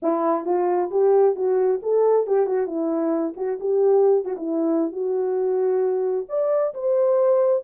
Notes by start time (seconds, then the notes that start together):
0.02 E4
0.45 F4
0.90 G4
1.35 F#4
1.82 A4
2.26 G4
2.46 F#4
2.66 E4
3.36 F#4
3.60 G4
4.24 F#4
4.37 E4
4.92 F#4
6.28 D5
6.74 C5